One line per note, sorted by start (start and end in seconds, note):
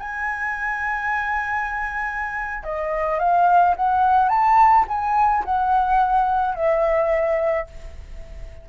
0.00 2.64 G#5
2.64 3.19 D#5
3.19 3.75 F5
3.76 4.29 F#5
4.29 4.85 A5
4.88 5.44 G#5
5.45 6.55 F#5
6.55 7.67 E5